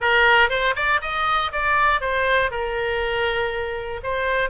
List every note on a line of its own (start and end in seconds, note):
0.00 0.49 A#4
0.49 0.74 C5
0.75 1.00 D5
1.01 1.51 D#5
1.51 2.00 D5
2.00 2.50 C5
2.50 4.00 A#4
4.03 4.49 C5